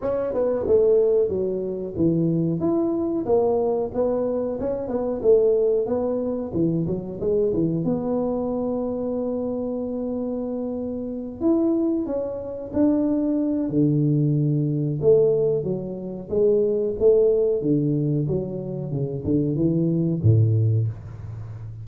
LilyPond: \new Staff \with { instrumentName = "tuba" } { \time 4/4 \tempo 4 = 92 cis'8 b8 a4 fis4 e4 | e'4 ais4 b4 cis'8 b8 | a4 b4 e8 fis8 gis8 e8 | b1~ |
b4. e'4 cis'4 d'8~ | d'4 d2 a4 | fis4 gis4 a4 d4 | fis4 cis8 d8 e4 a,4 | }